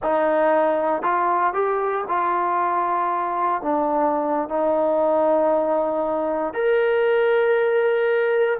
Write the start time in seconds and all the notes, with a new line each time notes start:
0.03 D#4
1.02 F4
1.53 G4
2.08 F4
3.62 D4
4.48 D#4
6.53 A#4